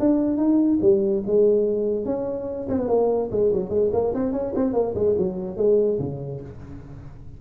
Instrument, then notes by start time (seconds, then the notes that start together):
tuba
0.00 D4
0.38 D#4
0.82 G3
1.27 G#3
2.05 C#4
2.69 C4
2.79 B3
2.89 A#3
3.31 G#3
3.53 F#3
3.70 G#3
3.93 A#3
4.14 C4
4.33 C#4
4.55 C4
4.74 A#3
4.95 G#3
5.18 F#3
5.57 G#3
5.99 C#3